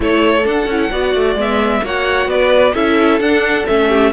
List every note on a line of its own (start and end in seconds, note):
0.00 0.45 A3
0.00 0.43 E4
0.00 0.90 A4
0.00 0.47 C#5
0.44 0.67 D4
0.44 0.66 D4
0.44 1.38 F#5
0.66 0.89 C#4
0.66 0.91 E4
0.90 1.15 B3
0.90 1.37 F#4
0.90 1.82 D5
1.15 1.35 A3
1.35 1.80 G#3
1.35 1.83 B3
1.35 1.85 E5
1.83 2.26 A#3
1.83 2.74 F#4
1.83 2.30 C#5
1.83 2.29 F#5
2.26 2.72 B3
2.26 2.74 B4
2.26 2.74 D5
2.74 3.20 C#4
2.74 3.20 E4
2.74 3.88 A4
2.74 3.20 E5
3.20 3.65 D4
3.20 3.66 D4
3.20 3.66 F#5
3.66 4.12 A3
3.66 4.12 C#4
3.66 4.12 E5
3.88 4.11 G4